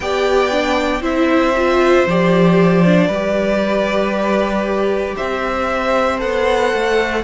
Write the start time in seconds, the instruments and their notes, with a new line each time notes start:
0.00 cello B3, viola G4, violin D5 G5
0.51 viola D4
1.00 cello C4, viola E4, violin C5 E5
1.56 viola F4
2.06 cello F3, viola G4, violin D5
2.85 viola D4
3.07 cello G3, viola G4, violin B4
5.16 cello C4, violin C5 E5
6.18 cello B3, viola A4, violin F#5
6.73 cello A3